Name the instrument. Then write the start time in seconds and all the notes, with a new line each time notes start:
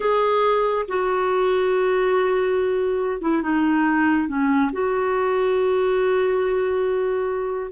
clarinet
0.00 G#4
0.88 F#4
3.21 E4
3.42 D#4
4.28 C#4
4.72 F#4